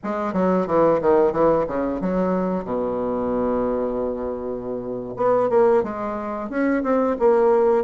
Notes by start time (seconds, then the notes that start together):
0.03 G#3
0.33 F#3
0.66 E3
1.01 D#3
1.32 E3
1.67 C#3
2.01 F#3
2.64 B2
5.16 B3
5.49 A#3
5.83 G#3
6.49 C#4
6.83 C4
7.18 A#3